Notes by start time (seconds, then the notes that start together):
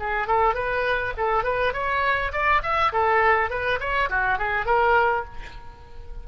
0.00 G#4
0.28 A4
0.55 B4
1.18 A4
1.44 B4
1.74 C#5
2.33 D5
2.63 E5
2.93 A4
3.51 B4
3.80 C#5
4.10 F#4
4.39 G#4
4.66 A#4